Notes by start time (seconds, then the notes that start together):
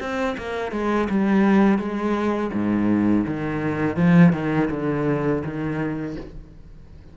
0.00 C4
0.38 A#3
0.72 G#3
1.10 G3
1.78 G#3
2.53 G#2
3.27 D#3
3.97 F3
4.33 D#3
4.71 D3
5.44 D#3